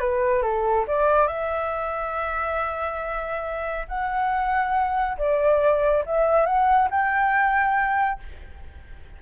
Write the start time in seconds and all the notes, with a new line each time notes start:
0.00 B4
0.42 A4
0.88 D5
1.28 E5
3.88 F#5
5.18 D5
6.06 E5
6.46 F#5
6.91 G5